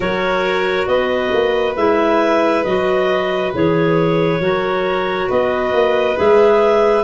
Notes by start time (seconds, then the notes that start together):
0.00 F#3 F#4 A#4 C#5
0.86 B3 B4 D#5
1.33 A#3
1.76 G#3 E4 E5
2.63 F#3 F#4 D#5
3.54 E3 G#4 C#5
4.40 F#3 F#4 A#4
5.28 B3 B4 D#5
5.72 A#3
6.15 G#3 G#4 E5